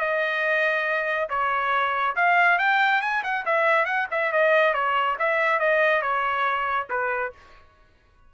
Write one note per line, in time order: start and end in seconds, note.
0.00 1.29 D#5
1.29 2.15 C#5
2.16 2.58 F5
2.58 3.01 G5
3.01 3.23 G#5
3.23 3.45 F#5
3.45 3.85 E5
3.85 4.07 F#5
4.11 4.32 E5
4.32 4.74 D#5
4.74 5.16 C#5
5.19 5.59 E5
5.59 6.02 D#5
6.02 6.87 C#5
6.90 7.33 B4